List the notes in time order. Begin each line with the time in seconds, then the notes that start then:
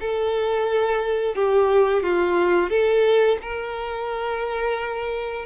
0.00 A4
1.35 G4
2.03 F4
2.70 A4
3.42 A#4